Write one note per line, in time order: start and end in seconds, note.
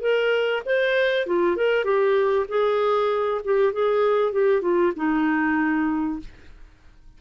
0.00 0.62 A#4
0.65 1.26 C5
1.26 1.56 F4
1.56 1.84 A#4
1.84 2.46 G4
2.48 3.41 G#4
3.44 3.72 G4
3.72 4.32 G#4
4.32 4.61 G4
4.61 4.92 F4
4.96 6.19 D#4